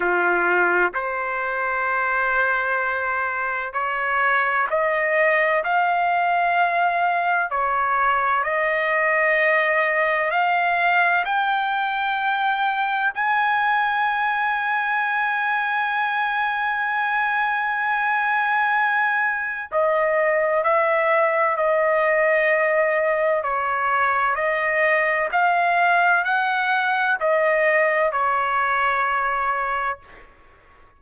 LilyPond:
\new Staff \with { instrumentName = "trumpet" } { \time 4/4 \tempo 4 = 64 f'4 c''2. | cis''4 dis''4 f''2 | cis''4 dis''2 f''4 | g''2 gis''2~ |
gis''1~ | gis''4 dis''4 e''4 dis''4~ | dis''4 cis''4 dis''4 f''4 | fis''4 dis''4 cis''2 | }